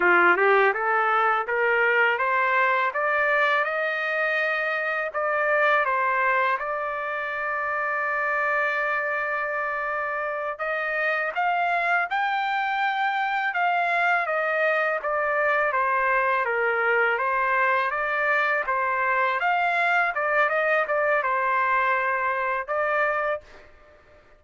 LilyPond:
\new Staff \with { instrumentName = "trumpet" } { \time 4/4 \tempo 4 = 82 f'8 g'8 a'4 ais'4 c''4 | d''4 dis''2 d''4 | c''4 d''2.~ | d''2~ d''8 dis''4 f''8~ |
f''8 g''2 f''4 dis''8~ | dis''8 d''4 c''4 ais'4 c''8~ | c''8 d''4 c''4 f''4 d''8 | dis''8 d''8 c''2 d''4 | }